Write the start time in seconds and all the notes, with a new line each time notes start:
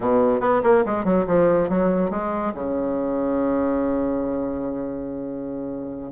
0.00 B2
0.40 B3
0.63 A#3
0.85 G#3
1.04 F#3
1.26 F3
1.69 F#3
2.10 G#3
2.54 C#3